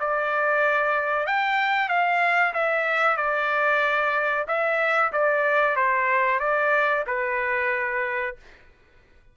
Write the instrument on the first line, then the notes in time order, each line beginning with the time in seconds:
trumpet
0.00 D5
1.27 G5
1.89 F5
2.54 E5
3.17 D5
4.48 E5
5.12 D5
5.76 C5
6.40 D5
7.07 B4